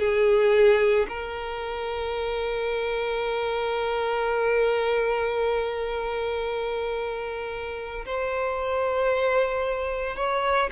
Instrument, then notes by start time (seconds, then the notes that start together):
violin
0.00 G#4
1.09 A#4
8.06 C5
10.16 C#5